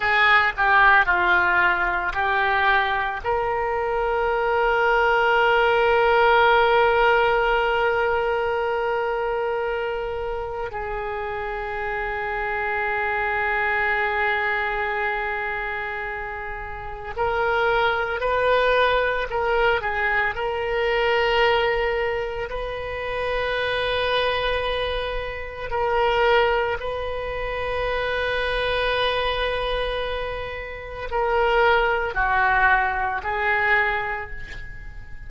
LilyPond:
\new Staff \with { instrumentName = "oboe" } { \time 4/4 \tempo 4 = 56 gis'8 g'8 f'4 g'4 ais'4~ | ais'1~ | ais'2 gis'2~ | gis'1 |
ais'4 b'4 ais'8 gis'8 ais'4~ | ais'4 b'2. | ais'4 b'2.~ | b'4 ais'4 fis'4 gis'4 | }